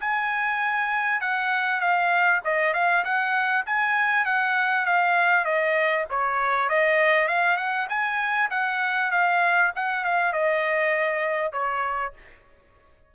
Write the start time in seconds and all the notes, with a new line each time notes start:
0.00 G#5
1.20 F#5
1.80 F5
2.44 D#5
2.73 F5
3.04 F#5
3.66 G#5
4.25 F#5
4.85 F5
5.44 D#5
6.10 C#5
6.69 D#5
7.28 F5
7.57 F#5
7.89 G#5
8.50 F#5
9.11 F5
9.75 F#5
10.04 F5
10.33 D#5
11.52 C#5